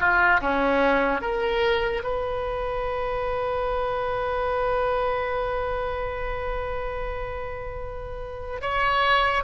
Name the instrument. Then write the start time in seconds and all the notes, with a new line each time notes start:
oboe
0.00 F4
0.41 C#4
1.21 A#4
2.04 B4
8.62 C#5